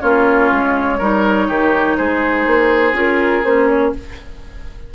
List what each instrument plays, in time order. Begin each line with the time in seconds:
0.00 bassoon A#3, clarinet C#4, oboe F4, flute C#5
0.51 bassoon G#3
0.98 bassoon G3, clarinet D#4, oboe A#4
1.47 bassoon D#3, oboe G4
1.97 bassoon G#3, oboe G#4, flute C5
2.46 bassoon A#3
2.93 bassoon C#4, clarinet F4, flute A#4
3.44 bassoon A#3, clarinet C#4, flute C5
3.68 flute C#5